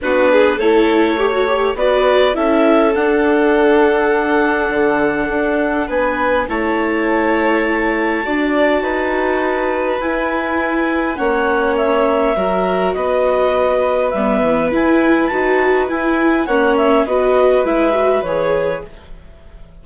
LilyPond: <<
  \new Staff \with { instrumentName = "clarinet" } { \time 4/4 \tempo 4 = 102 b'4 cis''2 d''4 | e''4 fis''2.~ | fis''2 gis''4 a''4~ | a''1~ |
a''4 gis''2 fis''4 | e''2 dis''2 | e''4 gis''4 a''4 gis''4 | fis''8 e''8 dis''4 e''4 cis''4 | }
  \new Staff \with { instrumentName = "violin" } { \time 4/4 fis'8 gis'8 a'4 cis''4 b'4 | a'1~ | a'2 b'4 cis''4~ | cis''2 d''4 b'4~ |
b'2. cis''4~ | cis''4 ais'4 b'2~ | b'1 | cis''4 b'2. | }
  \new Staff \with { instrumentName = "viola" } { \time 4/4 d'4 e'4 g'16 fis'16 g'8 fis'4 | e'4 d'2.~ | d'2. e'4~ | e'2 fis'2~ |
fis'4 e'2 cis'4~ | cis'4 fis'2. | b4 e'4 fis'4 e'4 | cis'4 fis'4 e'8 fis'8 gis'4 | }
  \new Staff \with { instrumentName = "bassoon" } { \time 4/4 b4 a2 b4 | cis'4 d'2. | d4 d'4 b4 a4~ | a2 d'4 dis'4~ |
dis'4 e'2 ais4~ | ais4 fis4 b2 | g8 e8 e'4 dis'4 e'4 | ais4 b4 gis4 e4 | }
>>